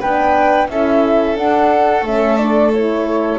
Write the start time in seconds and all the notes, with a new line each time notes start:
0.00 B3 D4 B4 G5
0.70 C#4 E4 A4 E5
1.36 D4 F#5
2.02 A3 C#4 E5
2.37 D4 D5
2.73 E4 C#5